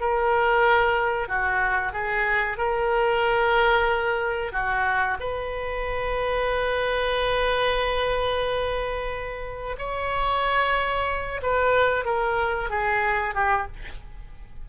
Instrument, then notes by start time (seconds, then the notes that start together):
oboe
0.00 A#4
1.28 F#4
1.92 G#4
2.57 A#4
4.52 F#4
5.19 B4
9.78 C#5
11.42 B4
12.05 A#4
12.70 G#4
13.34 G4